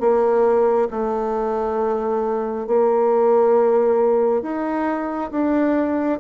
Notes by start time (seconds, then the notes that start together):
0.00 A#3
0.91 A3
2.67 A#3
4.42 D#4
5.31 D4